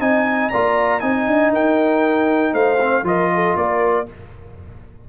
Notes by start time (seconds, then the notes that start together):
0.00 C4 D#4 D#5 G#5
0.49 A#3 F4 D5 A#5
1.00 C4 D#4 D#5 G#5
1.27 D4
1.52 D#4 A#4 G5
2.53 A3 C5 F5
2.80 C4
3.03 F3 F4 A#4 D#5
3.34 A4
3.56 A#3 A#4 D5